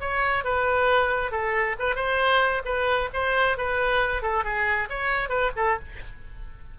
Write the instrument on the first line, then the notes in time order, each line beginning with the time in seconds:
oboe
0.00 C#5
0.44 B4
1.32 A4
1.79 B4
1.95 C5
2.65 B4
3.13 C5
3.57 B4
4.22 A4
4.44 G#4
4.89 C#5
5.29 B4
5.56 A4